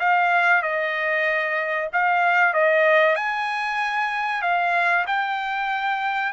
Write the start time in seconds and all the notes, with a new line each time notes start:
0.00 F5
0.63 D#5
1.93 F5
2.54 D#5
3.16 G#5
4.42 F5
5.07 G5